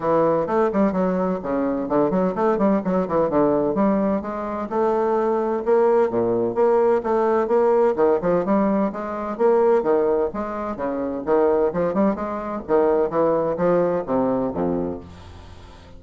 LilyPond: \new Staff \with { instrumentName = "bassoon" } { \time 4/4 \tempo 4 = 128 e4 a8 g8 fis4 cis4 | d8 fis8 a8 g8 fis8 e8 d4 | g4 gis4 a2 | ais4 ais,4 ais4 a4 |
ais4 dis8 f8 g4 gis4 | ais4 dis4 gis4 cis4 | dis4 f8 g8 gis4 dis4 | e4 f4 c4 f,4 | }